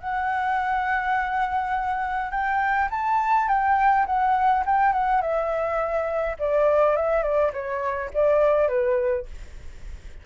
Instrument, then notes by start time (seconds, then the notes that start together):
flute
0.00 F#5
2.31 G5
2.91 A5
3.48 G5
4.06 F#5
4.66 G5
4.92 F#5
5.21 E5
6.39 D5
6.96 E5
7.23 D5
7.53 C#5
8.13 D5
8.68 B4